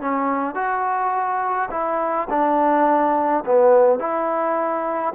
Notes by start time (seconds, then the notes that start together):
0.00 C#4
0.55 F#4
1.71 E4
2.29 D4
3.45 B3
3.99 E4